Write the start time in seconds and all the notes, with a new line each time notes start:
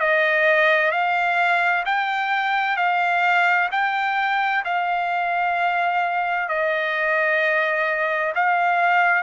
0.00 D#5
0.91 F5
1.85 G5
2.77 F5
3.72 G5
4.65 F5
6.49 D#5
8.35 F5